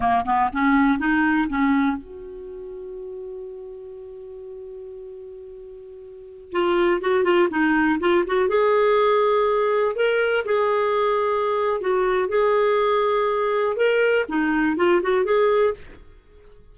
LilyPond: \new Staff \with { instrumentName = "clarinet" } { \time 4/4 \tempo 4 = 122 ais8 b8 cis'4 dis'4 cis'4 | fis'1~ | fis'1~ | fis'4~ fis'16 f'4 fis'8 f'8 dis'8.~ |
dis'16 f'8 fis'8 gis'2~ gis'8.~ | gis'16 ais'4 gis'2~ gis'8. | fis'4 gis'2. | ais'4 dis'4 f'8 fis'8 gis'4 | }